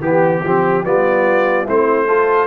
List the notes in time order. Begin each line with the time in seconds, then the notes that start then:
0.00 E3 B3 G4
0.43 F3 C4
0.84 G3 B3 F4 D5
1.65 A3 C4 E4 C5
2.07 F4 A4